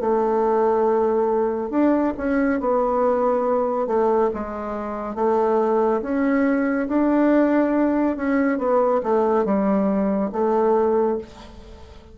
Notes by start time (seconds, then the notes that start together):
0.00 A3
1.70 D4
2.17 C#4
2.60 B3
3.87 A3
4.34 G#3
5.15 A3
6.02 C#4
6.88 D4
8.16 C#4
8.58 B3
9.03 A3
9.45 G3
10.32 A3